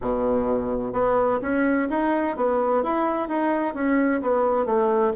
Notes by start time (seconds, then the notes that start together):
0.01 B2
0.92 B3
1.41 C#4
1.89 D#4
2.36 B3
2.83 E4
3.28 D#4
3.74 C#4
4.21 B3
4.65 A3